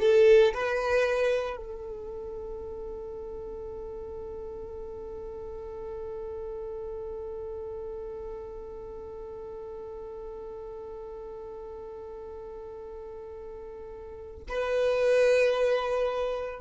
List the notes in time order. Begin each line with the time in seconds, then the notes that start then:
0.00 A4
0.54 B4
1.57 A4
14.49 B4